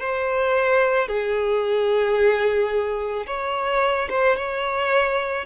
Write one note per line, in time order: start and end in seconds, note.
0.00 1.08 C5
1.08 3.26 G#4
3.27 4.09 C#5
4.10 4.36 C5
4.36 5.45 C#5